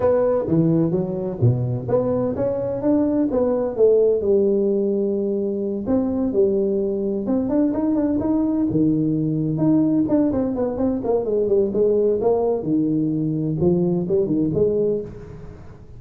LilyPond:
\new Staff \with { instrumentName = "tuba" } { \time 4/4 \tempo 4 = 128 b4 e4 fis4 b,4 | b4 cis'4 d'4 b4 | a4 g2.~ | g8 c'4 g2 c'8 |
d'8 dis'8 d'8 dis'4 dis4.~ | dis8 dis'4 d'8 c'8 b8 c'8 ais8 | gis8 g8 gis4 ais4 dis4~ | dis4 f4 g8 dis8 gis4 | }